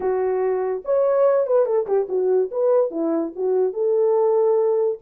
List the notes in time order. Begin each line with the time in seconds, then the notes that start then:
0.00 F#4
0.84 C#5
1.46 B4
1.65 A4
1.87 G4
2.08 F#4
2.51 B4
2.90 E4
3.35 F#4
3.73 A4